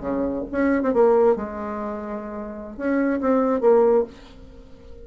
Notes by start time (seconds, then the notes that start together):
0.00 C#3
0.52 C#4
0.82 C4
0.93 A#3
1.36 G#3
2.77 C#4
3.20 C4
3.61 A#3